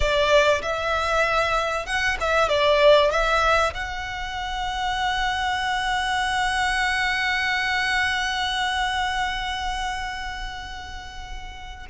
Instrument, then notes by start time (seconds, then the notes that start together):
violin
0.00 D5
0.62 E5
1.86 F#5
2.20 E5
2.48 D5
3.11 E5
3.74 F#5